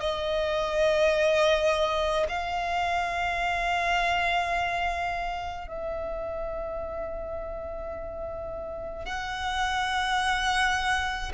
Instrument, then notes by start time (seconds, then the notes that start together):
violin
0.00 D#5
2.29 F5
5.68 E5
9.06 F#5